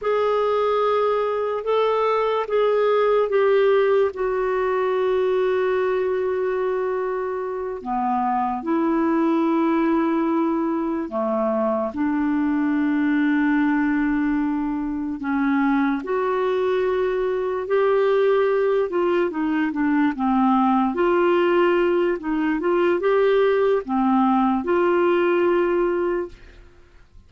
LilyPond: \new Staff \with { instrumentName = "clarinet" } { \time 4/4 \tempo 4 = 73 gis'2 a'4 gis'4 | g'4 fis'2.~ | fis'4. b4 e'4.~ | e'4. a4 d'4.~ |
d'2~ d'8 cis'4 fis'8~ | fis'4. g'4. f'8 dis'8 | d'8 c'4 f'4. dis'8 f'8 | g'4 c'4 f'2 | }